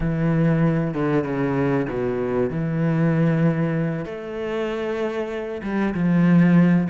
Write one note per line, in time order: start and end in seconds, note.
0.00 0.94 E3
0.94 1.24 D3
1.24 1.86 C#3
1.89 2.50 B2
2.50 4.05 E3
4.05 5.61 A3
5.62 5.94 G3
5.94 6.88 F3